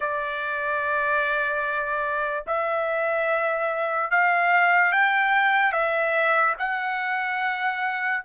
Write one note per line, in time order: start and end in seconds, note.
0.00 2.44 D5
2.47 4.11 E5
4.11 4.92 F5
4.92 5.72 G5
5.72 6.54 E5
6.58 8.23 F#5